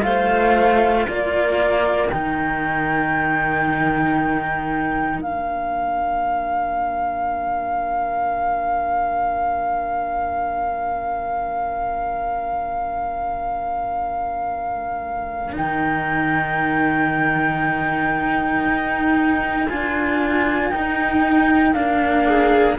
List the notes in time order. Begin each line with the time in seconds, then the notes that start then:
0.00 A3 F4 C5 F5
1.08 A#3 A#4 D5
2.10 D#3 D#4 G5
5.19 A#3 D4 F5
15.53 D#3 D#4 G5
18.66 D#4
19.68 D4 F4 G#5
20.71 D#4 G5
21.74 A#3 D4 F5
22.27 G#4